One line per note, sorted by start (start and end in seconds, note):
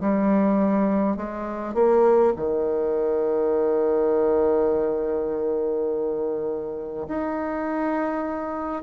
0.00 1.17 G3
1.17 1.74 G#3
1.74 2.33 A#3
2.36 7.06 D#3
7.07 8.82 D#4